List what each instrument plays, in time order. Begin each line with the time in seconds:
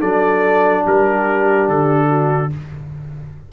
0.00 tuba F#3, trombone D4, horn A4, trumpet D5
0.85 tuba G3, horn G4, trumpet A#4
1.69 tuba D3, trumpet A4
2.09 horn F#4